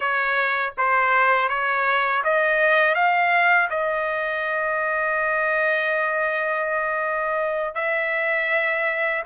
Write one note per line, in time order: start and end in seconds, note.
0.00 0.73 C#5
0.77 1.48 C5
1.48 2.22 C#5
2.24 2.94 D#5
2.94 3.68 F5
3.70 7.74 D#5
7.74 9.23 E5